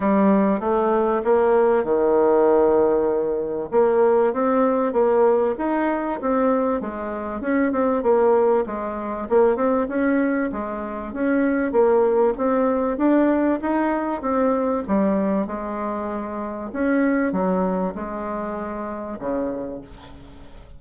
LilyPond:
\new Staff \with { instrumentName = "bassoon" } { \time 4/4 \tempo 4 = 97 g4 a4 ais4 dis4~ | dis2 ais4 c'4 | ais4 dis'4 c'4 gis4 | cis'8 c'8 ais4 gis4 ais8 c'8 |
cis'4 gis4 cis'4 ais4 | c'4 d'4 dis'4 c'4 | g4 gis2 cis'4 | fis4 gis2 cis4 | }